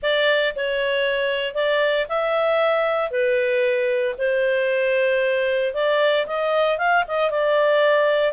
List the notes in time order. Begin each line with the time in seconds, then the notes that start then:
0.02 D5
0.55 C#5
1.54 D5
2.08 E5
3.10 B4
4.17 C5
5.74 D5
6.26 D#5
6.78 F5
7.07 D#5
7.30 D5